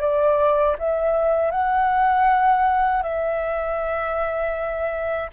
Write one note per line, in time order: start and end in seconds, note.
0.00 0.76 D5
0.78 1.51 E5
1.51 3.02 F#5
3.02 5.30 E5